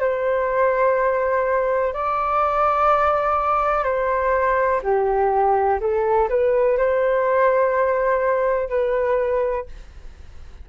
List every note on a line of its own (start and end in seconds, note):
0.00 1.94 C5
1.94 3.84 D5
3.84 4.81 C5
4.83 5.80 G4
5.80 6.29 A4
6.29 6.77 B4
6.77 8.70 C5
8.70 9.66 B4